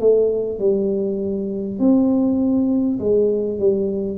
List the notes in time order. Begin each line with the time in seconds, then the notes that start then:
0.00 A3
0.59 G3
1.79 C4
2.99 G#3
3.59 G3